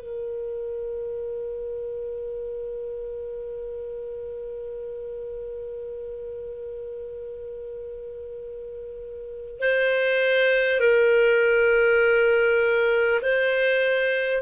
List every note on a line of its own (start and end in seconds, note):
0.00 9.59 A#4
9.59 10.79 C5
10.80 13.20 A#4
13.22 14.42 C5